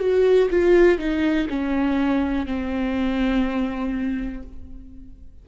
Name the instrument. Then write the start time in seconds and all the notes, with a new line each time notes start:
viola
0.00 F#4
0.51 F4
0.99 D#4
1.50 C#4
2.47 C4